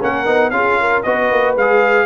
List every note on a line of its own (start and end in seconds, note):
0.00 0.27 A#3
0.00 0.26 C#4
0.00 0.52 A#4
0.00 0.51 F#5
0.26 0.51 B3
0.26 0.52 D#4
0.51 1.03 C#4
0.51 1.04 F4
0.51 0.81 G#4
0.51 1.02 F5
0.81 1.05 A#4
1.03 1.31 B3
1.03 1.57 F#4
1.03 2.06 B4
1.03 1.55 D#5
1.31 1.56 A#3
1.56 2.06 G#3
1.56 2.06 G#4
1.56 2.06 F5